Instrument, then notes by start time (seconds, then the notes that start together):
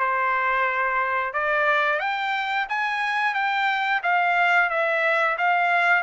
trumpet
0.00 C5
1.34 D5
2.00 G5
2.69 G#5
3.34 G5
4.03 F5
4.70 E5
5.38 F5